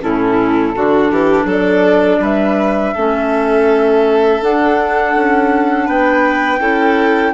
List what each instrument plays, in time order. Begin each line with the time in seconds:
0.00 bassoon A2, clarinet C#4, violin E4, flute A4
0.76 bassoon D3, clarinet D4, violin F#4
1.11 bassoon E3, violin G4
1.45 bassoon F#3, violin A4
1.52 flute D5
2.20 bassoon G3, violin B4, flute E5
2.94 bassoon A3, clarinet C#4, violin A4
4.42 bassoon D4, clarinet D4, flute F#5
5.15 bassoon C#4
5.86 bassoon B3, violin B4, flute G5
6.60 bassoon C#4, clarinet E4, violin A4